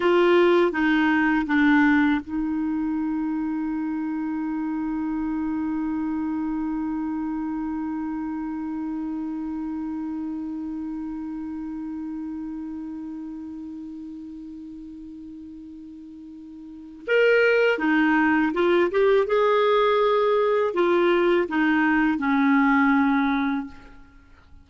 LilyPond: \new Staff \with { instrumentName = "clarinet" } { \time 4/4 \tempo 4 = 81 f'4 dis'4 d'4 dis'4~ | dis'1~ | dis'1~ | dis'1~ |
dis'1~ | dis'2. ais'4 | dis'4 f'8 g'8 gis'2 | f'4 dis'4 cis'2 | }